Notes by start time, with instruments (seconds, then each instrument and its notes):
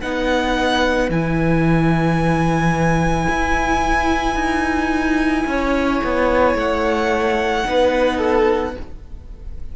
0.00 cello B3, viola D#4, violin B4 F#5
1.10 cello E3, viola E4, violin G#5
3.29 cello E4
4.36 cello D#4
5.47 cello C#4, violin C#5
6.04 cello B3
6.55 cello A3, violin F#5
7.64 cello B3, viola D#4, violin B4
8.17 violin A4